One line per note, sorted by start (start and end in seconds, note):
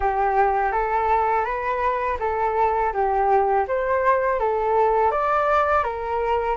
0.00 0.72 G4
0.72 1.44 A4
1.44 2.18 B4
2.19 2.92 A4
2.93 3.66 G4
3.67 4.39 C5
4.39 5.11 A4
5.11 5.83 D5
5.83 6.57 A#4